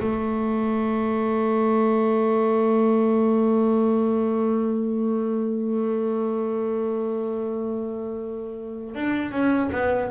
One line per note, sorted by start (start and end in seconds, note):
0.00 8.95 A3
8.95 9.31 D4
9.31 9.70 C#4
9.72 10.11 B3